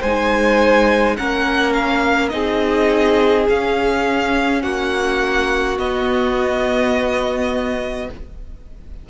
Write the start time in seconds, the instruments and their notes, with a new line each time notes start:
0.00 cello G#3, viola D#4, violin C5 G#5
1.16 cello A#3, viola C#4, violin A#4 F#5
1.73 violin F5
2.29 cello C4, viola D#4, violin G#4 D#5
3.49 cello C#4, viola C#4, violin F5
4.62 cello A#3, violin F#4 F#5
5.78 viola B3, cello B3, violin D#5